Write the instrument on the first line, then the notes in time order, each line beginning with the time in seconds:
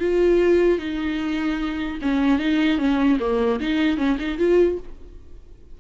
viola
0.00 F4
0.79 D#4
2.02 C#4
2.39 D#4
2.78 C#4
3.19 A#3
3.60 D#4
3.97 C#4
4.19 D#4
4.38 F4